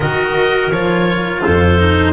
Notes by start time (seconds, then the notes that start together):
0.00 D#3 F#4 A#4 D#5
0.71 F3 F4 C#5
1.43 F2 A4 C5
1.78 D#4